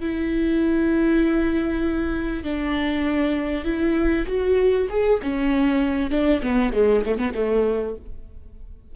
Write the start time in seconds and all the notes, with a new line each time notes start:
0.00 E4
2.44 D4
3.64 E4
4.27 F#4
4.89 G#4
5.22 C#4
6.10 D4
6.42 B3
6.73 G#3
7.05 A3
7.17 B3
7.34 A3